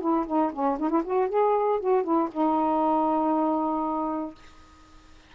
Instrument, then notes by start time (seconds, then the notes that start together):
saxophone
0.00 E4
0.26 D#4
0.52 C#4
0.79 D#4
0.89 E4
1.04 F#4
1.29 G#4
1.80 F#4
2.03 E4
2.31 D#4